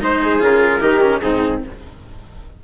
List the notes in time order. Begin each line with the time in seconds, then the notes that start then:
0.00 G#3 D#4 C5
0.22 G#4
0.40 C#3 F4 A#4
0.81 D#3 D#4 G4
1.01 C#4
1.22 G#2 C4 D#4 G#4